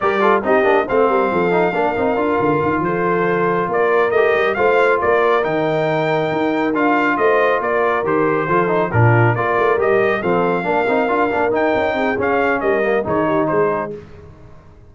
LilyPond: <<
  \new Staff \with { instrumentName = "trumpet" } { \time 4/4 \tempo 4 = 138 d''4 dis''4 f''2~ | f''2~ f''8 c''4.~ | c''8 d''4 dis''4 f''4 d''8~ | d''8 g''2. f''8~ |
f''8 dis''4 d''4 c''4.~ | c''8 ais'4 d''4 dis''4 f''8~ | f''2~ f''8 g''4. | f''4 dis''4 cis''4 c''4 | }
  \new Staff \with { instrumentName = "horn" } { \time 4/4 ais'8 a'8 g'4 c''8 ais'8 a'4 | ais'2~ ais'8 a'4.~ | a'8 ais'2 c''4 ais'8~ | ais'1~ |
ais'8 c''4 ais'2 a'8~ | a'8 f'4 ais'2 a'8~ | a'8 ais'2. gis'8~ | gis'4 ais'4 gis'8 g'8 gis'4 | }
  \new Staff \with { instrumentName = "trombone" } { \time 4/4 g'8 f'8 dis'8 d'8 c'4. dis'8 | d'8 dis'8 f'2.~ | f'4. g'4 f'4.~ | f'8 dis'2. f'8~ |
f'2~ f'8 g'4 f'8 | dis'8 d'4 f'4 g'4 c'8~ | c'8 d'8 dis'8 f'8 d'8 dis'4. | cis'4. ais8 dis'2 | }
  \new Staff \with { instrumentName = "tuba" } { \time 4/4 g4 c'8 ais8 a8 g8 f4 | ais8 c'8 d'8 d8 dis8 f4.~ | f8 ais4 a8 g8 a4 ais8~ | ais8 dis2 dis'4 d'8~ |
d'8 a4 ais4 dis4 f8~ | f8 ais,4 ais8 a8 g4 f8~ | f8 ais8 c'8 d'8 ais8 dis'8 cis'8 c'8 | cis'4 g4 dis4 gis4 | }
>>